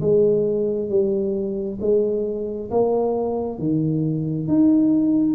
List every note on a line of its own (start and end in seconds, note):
0.00 0.89 G#3
0.89 1.78 G3
1.80 2.70 G#3
2.70 3.58 A#3
3.58 4.47 D#3
4.47 5.34 D#4